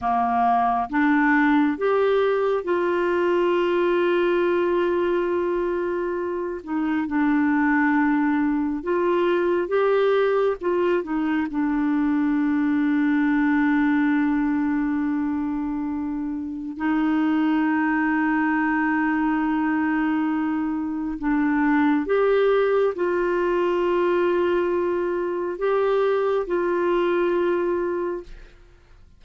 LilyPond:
\new Staff \with { instrumentName = "clarinet" } { \time 4/4 \tempo 4 = 68 ais4 d'4 g'4 f'4~ | f'2.~ f'8 dis'8 | d'2 f'4 g'4 | f'8 dis'8 d'2.~ |
d'2. dis'4~ | dis'1 | d'4 g'4 f'2~ | f'4 g'4 f'2 | }